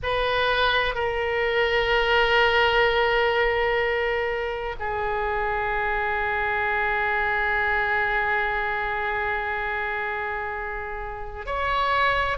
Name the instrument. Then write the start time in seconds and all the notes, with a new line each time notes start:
oboe
0.03 B4
0.94 A#4
4.79 G#4
11.45 C#5